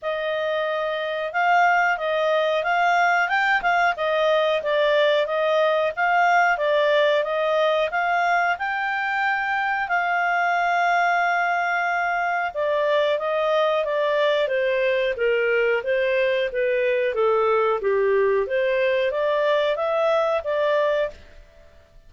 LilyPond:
\new Staff \with { instrumentName = "clarinet" } { \time 4/4 \tempo 4 = 91 dis''2 f''4 dis''4 | f''4 g''8 f''8 dis''4 d''4 | dis''4 f''4 d''4 dis''4 | f''4 g''2 f''4~ |
f''2. d''4 | dis''4 d''4 c''4 ais'4 | c''4 b'4 a'4 g'4 | c''4 d''4 e''4 d''4 | }